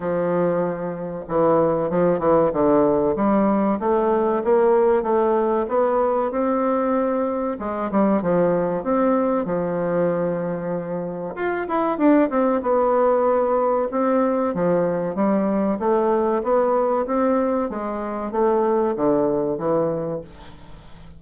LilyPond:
\new Staff \with { instrumentName = "bassoon" } { \time 4/4 \tempo 4 = 95 f2 e4 f8 e8 | d4 g4 a4 ais4 | a4 b4 c'2 | gis8 g8 f4 c'4 f4~ |
f2 f'8 e'8 d'8 c'8 | b2 c'4 f4 | g4 a4 b4 c'4 | gis4 a4 d4 e4 | }